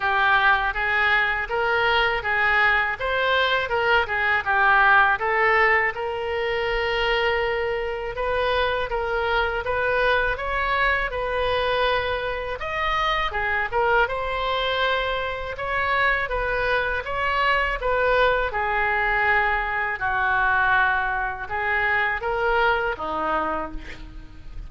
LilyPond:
\new Staff \with { instrumentName = "oboe" } { \time 4/4 \tempo 4 = 81 g'4 gis'4 ais'4 gis'4 | c''4 ais'8 gis'8 g'4 a'4 | ais'2. b'4 | ais'4 b'4 cis''4 b'4~ |
b'4 dis''4 gis'8 ais'8 c''4~ | c''4 cis''4 b'4 cis''4 | b'4 gis'2 fis'4~ | fis'4 gis'4 ais'4 dis'4 | }